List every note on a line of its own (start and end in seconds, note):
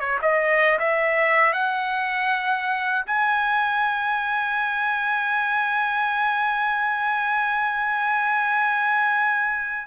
0.00 0.19 C#5
0.22 0.79 D#5
0.79 1.53 E5
1.53 3.05 F#5
3.06 9.87 G#5